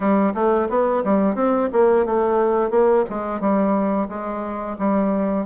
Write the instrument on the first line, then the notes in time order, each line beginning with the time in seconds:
bassoon
0.00 G3
0.34 A3
0.68 B3
1.04 G3
1.35 C4
1.72 A#3
2.05 A3
2.70 A#3
3.09 G#3
3.40 G3
4.08 G#3
4.78 G3